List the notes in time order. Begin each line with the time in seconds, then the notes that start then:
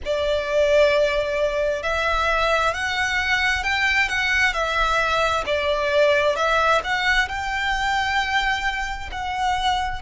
0.05 D5
1.83 E5
2.74 F#5
3.63 G5
4.09 F#5
4.53 E5
5.45 D5
6.36 E5
6.84 F#5
7.28 G5
9.11 F#5